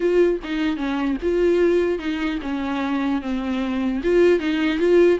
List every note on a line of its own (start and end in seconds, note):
0.00 0.40 F4
0.43 0.76 D#4
0.76 1.16 C#4
1.22 1.98 F4
1.98 2.38 D#4
2.41 3.21 C#4
3.21 4.01 C4
4.03 4.39 F4
4.39 4.78 D#4
4.78 5.18 F4